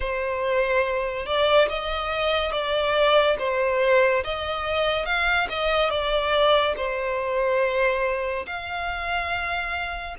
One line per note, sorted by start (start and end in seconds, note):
0.00 1.26 C5
1.26 1.68 D5
1.69 2.51 D#5
2.51 3.36 D5
3.38 4.23 C5
4.23 5.05 D#5
5.05 5.47 F5
5.49 5.89 D#5
5.89 6.74 D5
6.76 8.45 C5
8.46 10.15 F5